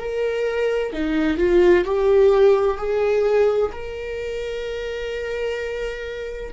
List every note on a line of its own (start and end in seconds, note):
0.00 0.93 A#4
0.93 1.38 D#4
1.38 1.85 F4
1.85 2.78 G4
2.78 3.72 G#4
3.72 6.53 A#4